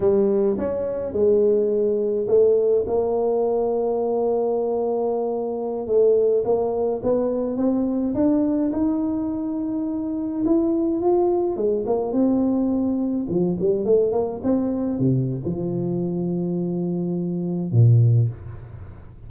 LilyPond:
\new Staff \with { instrumentName = "tuba" } { \time 4/4 \tempo 4 = 105 g4 cis'4 gis2 | a4 ais2.~ | ais2~ ais16 a4 ais8.~ | ais16 b4 c'4 d'4 dis'8.~ |
dis'2~ dis'16 e'4 f'8.~ | f'16 gis8 ais8 c'2 f8 g16~ | g16 a8 ais8 c'4 c8. f4~ | f2. ais,4 | }